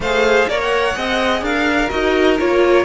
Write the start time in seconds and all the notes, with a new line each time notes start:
0.00 A3 G#4 C5 F5
0.48 A#3 A#4 C#5 D5
0.61 F#5
0.93 C4 G#4 D#5
1.41 D4 A#4 F5
1.89 D#4 F#4 D#5
2.38 A#3 F4 C#5